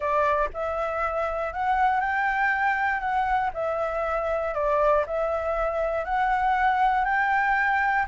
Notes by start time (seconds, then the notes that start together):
0.00 D5
0.53 E5
1.53 F#5
2.00 G5
3.00 F#5
3.53 E5
4.54 D5
5.06 E5
6.04 F#5
7.04 G5